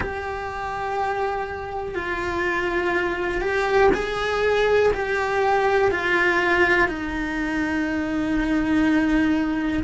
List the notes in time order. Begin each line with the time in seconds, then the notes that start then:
0.00 G4
1.94 F4
3.41 G4
3.93 G#4
4.93 G4
5.91 F4
6.88 D#4